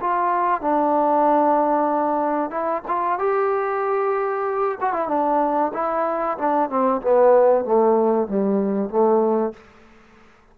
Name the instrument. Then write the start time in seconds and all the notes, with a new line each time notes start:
trombone
0.00 F4
0.61 D4
2.50 E4
2.87 F4
3.18 G4
4.80 F#4
4.93 E4
5.08 D4
5.73 E4
6.37 D4
6.69 C4
7.01 B3
7.65 A3
8.27 G3
8.89 A3